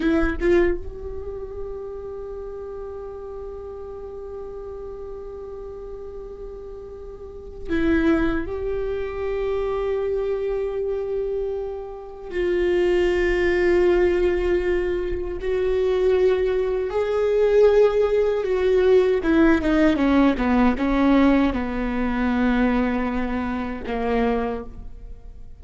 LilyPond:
\new Staff \with { instrumentName = "viola" } { \time 4/4 \tempo 4 = 78 e'8 f'8 g'2.~ | g'1~ | g'2 e'4 g'4~ | g'1 |
f'1 | fis'2 gis'2 | fis'4 e'8 dis'8 cis'8 b8 cis'4 | b2. ais4 | }